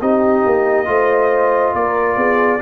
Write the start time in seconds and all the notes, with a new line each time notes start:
0.00 C4 D#4 G4 D#5
0.45 A#3
0.85 A3 F4 C5
1.74 A#3 A#4 D5
2.16 B3 G#4